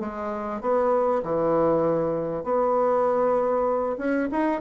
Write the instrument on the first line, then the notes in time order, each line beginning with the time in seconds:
bassoon
0.00 G#3
0.61 B3
1.23 E3
2.44 B3
3.98 C#4
4.32 D#4